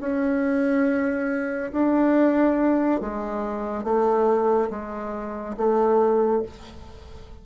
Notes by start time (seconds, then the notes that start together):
0.00 C#4
1.72 D4
3.00 G#3
3.83 A3
4.70 G#3
5.57 A3